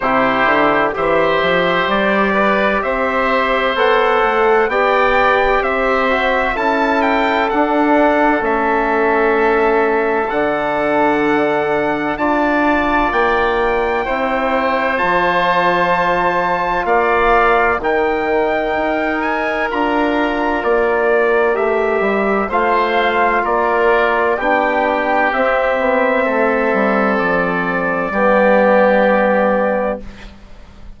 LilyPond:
<<
  \new Staff \with { instrumentName = "trumpet" } { \time 4/4 \tempo 4 = 64 c''4 e''4 d''4 e''4 | fis''4 g''4 e''4 a''8 g''8 | fis''4 e''2 fis''4~ | fis''4 a''4 g''2 |
a''2 f''4 g''4~ | g''8 gis''8 ais''4 d''4 e''4 | f''4 d''4 g''4 e''4~ | e''4 d''2. | }
  \new Staff \with { instrumentName = "oboe" } { \time 4/4 g'4 c''4. b'8 c''4~ | c''4 d''4 c''4 a'4~ | a'1~ | a'4 d''2 c''4~ |
c''2 d''4 ais'4~ | ais'1 | c''4 ais'4 g'2 | a'2 g'2 | }
  \new Staff \with { instrumentName = "trombone" } { \time 4/4 e'4 g'2. | a'4 g'4. fis'8 e'4 | d'4 cis'2 d'4~ | d'4 f'2 e'4 |
f'2. dis'4~ | dis'4 f'2 g'4 | f'2 d'4 c'4~ | c'2 b2 | }
  \new Staff \with { instrumentName = "bassoon" } { \time 4/4 c8 d8 e8 f8 g4 c'4 | b8 a8 b4 c'4 cis'4 | d'4 a2 d4~ | d4 d'4 ais4 c'4 |
f2 ais4 dis4 | dis'4 d'4 ais4 a8 g8 | a4 ais4 b4 c'8 b8 | a8 g8 f4 g2 | }
>>